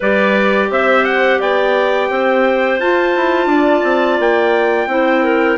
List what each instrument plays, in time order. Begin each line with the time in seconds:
0.00 bassoon G3, clarinet G4 B4, trumpet D5
0.70 bassoon C4, clarinet C5, trumpet E5
1.05 trumpet F#5
1.39 bassoon B3, clarinet D5, trumpet G5
2.10 bassoon C4, clarinet C5
2.79 bassoon F4, clarinet F4, trumpet A5
3.15 bassoon E4
3.46 bassoon D4, clarinet D5
3.83 bassoon C4
4.18 bassoon A#3, trumpet G5
4.86 bassoon C4, clarinet E4 C5
5.23 clarinet A#4